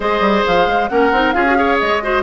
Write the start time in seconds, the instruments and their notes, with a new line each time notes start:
0.00 bassoon G#3, clarinet G#4, oboe C5, flute D#5
0.20 bassoon G3
0.46 bassoon F3, flute F5
0.66 bassoon G#3
0.88 bassoon A#3, clarinet C#4, oboe A#4, flute F#5
1.12 bassoon C4, clarinet D#4
1.32 bassoon C#4, clarinet F4, oboe G#4, flute F5
1.46 clarinet F#4
1.55 clarinet G#4, oboe C#5
1.79 bassoon G#3, flute D#5
2.02 clarinet F#4, oboe C5